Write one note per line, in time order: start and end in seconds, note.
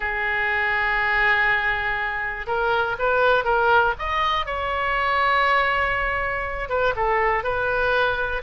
0.00 2.46 G#4
2.46 2.96 A#4
2.98 3.44 B4
3.44 3.94 A#4
3.98 4.46 D#5
4.46 6.69 C#5
6.69 6.94 B4
6.96 7.43 A4
7.43 8.42 B4